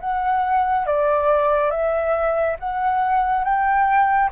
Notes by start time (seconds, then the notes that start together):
0.00 F#5
0.86 D5
1.70 E5
2.59 F#5
3.44 G5